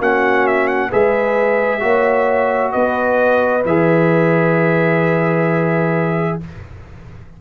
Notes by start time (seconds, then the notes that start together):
0.00 A#3 C#4 F#4 F#5
0.47 E5
0.68 F#5
0.89 G#3 G#4 B4 E5
1.80 A#3 F#4 C#5
2.72 B3 B4 D#5
3.65 E3 G#4 E5